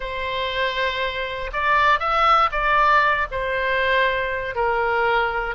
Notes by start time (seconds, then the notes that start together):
0.00 C5
1.52 D5
1.99 E5
2.51 D5
3.31 C5
4.55 A#4